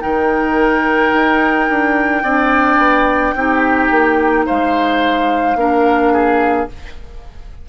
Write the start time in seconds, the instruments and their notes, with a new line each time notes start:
0.00 bassoon D#3, clarinet D#4, oboe A#4, flute G5
1.13 bassoon D#4
1.69 bassoon D4
2.23 bassoon C4, clarinet D4, oboe D5
2.78 bassoon B3
3.34 bassoon C4, clarinet D#4, oboe G4
3.90 bassoon A#3
4.46 bassoon G#3, oboe C5, flute F5
5.55 bassoon A#3, clarinet D4, oboe A#4
6.13 oboe G#4